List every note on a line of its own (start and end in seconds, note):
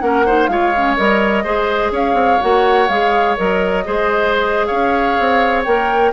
0.00 0.48 A#3
0.00 0.25 C#4
0.00 0.26 A#4
0.00 0.47 F#5
0.26 0.49 D#4
0.26 0.50 C5
0.47 0.96 G#3
0.47 0.73 F4
0.47 1.44 C#5
0.47 0.95 F5
0.76 0.97 C#4
0.96 1.45 G3
0.96 1.45 A#4
0.96 1.92 D#5
1.44 1.91 G#3
1.44 2.41 G#4
1.44 1.92 C5
1.91 2.14 C#4
1.91 3.84 C#5
1.91 2.41 F5
2.14 2.38 C4
2.41 2.88 A#3
2.41 2.89 F#4
2.41 2.88 F#5
2.88 3.36 G#3
2.88 3.36 G#4
2.88 3.36 F5
3.36 3.87 F#3
3.36 3.84 A#4
3.36 4.66 D#5
3.85 4.70 G#3
3.85 5.65 G#4
3.85 4.67 C5
4.66 5.18 C#4
4.66 6.11 C#5
4.66 5.62 F5
5.19 5.66 C4
5.64 6.12 A#3
5.64 6.12 A#4
5.64 6.12 G5